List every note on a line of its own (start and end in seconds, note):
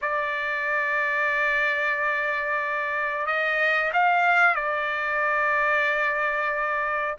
0.01 3.26 D5
3.26 3.91 D#5
3.93 4.55 F5
4.55 7.16 D5